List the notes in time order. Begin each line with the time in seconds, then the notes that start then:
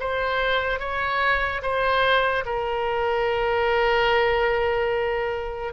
0.00 C5
0.80 C#5
1.63 C5
2.46 A#4